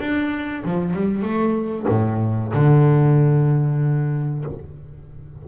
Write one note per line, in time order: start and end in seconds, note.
0.00 0.64 D4
0.64 0.94 F3
0.94 1.22 G3
1.22 1.86 A3
1.89 2.52 A2
2.54 4.45 D3